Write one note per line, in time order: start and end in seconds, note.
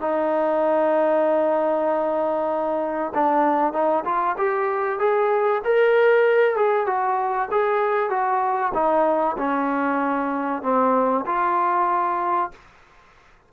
0.00 3.12 D#4
3.14 3.72 D4
3.72 4.04 D#4
4.04 4.36 F4
4.38 4.99 G4
4.99 5.61 G#4
5.64 6.56 A#4
6.56 6.86 G#4
6.86 7.49 F#4
7.51 8.09 G#4
8.09 8.72 F#4
8.74 9.36 D#4
9.38 10.62 C#4
10.62 11.24 C4
11.26 12.51 F4